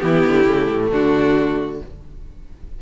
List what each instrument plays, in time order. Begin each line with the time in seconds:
0.00 cello E3, viola B3, violin E4 G4
0.26 cello D3
0.46 cello C#3, viola A3
0.71 cello A2
0.91 cello D3, violin D4 F#4